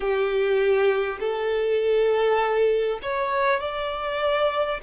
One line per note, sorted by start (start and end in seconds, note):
0.00 1.18 G4
1.19 2.99 A4
3.02 3.59 C#5
3.59 4.79 D5